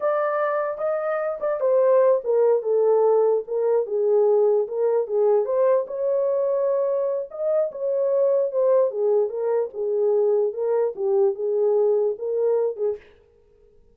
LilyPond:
\new Staff \with { instrumentName = "horn" } { \time 4/4 \tempo 4 = 148 d''2 dis''4. d''8 | c''4. ais'4 a'4.~ | a'8 ais'4 gis'2 ais'8~ | ais'8 gis'4 c''4 cis''4.~ |
cis''2 dis''4 cis''4~ | cis''4 c''4 gis'4 ais'4 | gis'2 ais'4 g'4 | gis'2 ais'4. gis'8 | }